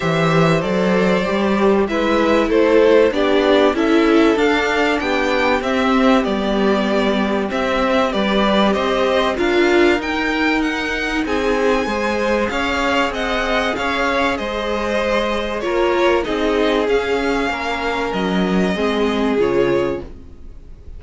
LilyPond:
<<
  \new Staff \with { instrumentName = "violin" } { \time 4/4 \tempo 4 = 96 e''4 d''2 e''4 | c''4 d''4 e''4 f''4 | g''4 e''4 d''2 | e''4 d''4 dis''4 f''4 |
g''4 fis''4 gis''2 | f''4 fis''4 f''4 dis''4~ | dis''4 cis''4 dis''4 f''4~ | f''4 dis''2 cis''4 | }
  \new Staff \with { instrumentName = "violin" } { \time 4/4 c''2. b'4 | a'4 g'4 a'2 | g'1~ | g'4 b'4 c''4 ais'4~ |
ais'2 gis'4 c''4 | cis''4 dis''4 cis''4 c''4~ | c''4 ais'4 gis'2 | ais'2 gis'2 | }
  \new Staff \with { instrumentName = "viola" } { \time 4/4 g'4 a'4 g'4 e'4~ | e'4 d'4 e'4 d'4~ | d'4 c'4 b2 | c'4 g'2 f'4 |
dis'2. gis'4~ | gis'1~ | gis'4 f'4 dis'4 cis'4~ | cis'2 c'4 f'4 | }
  \new Staff \with { instrumentName = "cello" } { \time 4/4 e4 fis4 g4 gis4 | a4 b4 cis'4 d'4 | b4 c'4 g2 | c'4 g4 c'4 d'4 |
dis'2 c'4 gis4 | cis'4 c'4 cis'4 gis4~ | gis4 ais4 c'4 cis'4 | ais4 fis4 gis4 cis4 | }
>>